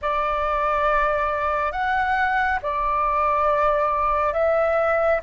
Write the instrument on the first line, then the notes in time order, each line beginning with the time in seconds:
flute
0.01 D5
1.72 F#5
2.62 D5
4.33 E5